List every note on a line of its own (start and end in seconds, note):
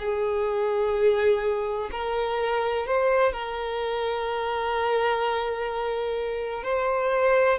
0.00 1.90 G#4
1.92 2.87 A#4
2.87 3.33 C5
3.33 6.64 A#4
6.64 7.59 C5